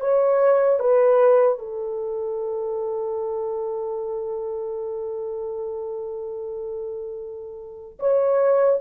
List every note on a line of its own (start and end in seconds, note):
0.00 0.79 C#5
0.79 1.59 B4
1.59 7.99 A4
7.99 8.79 C#5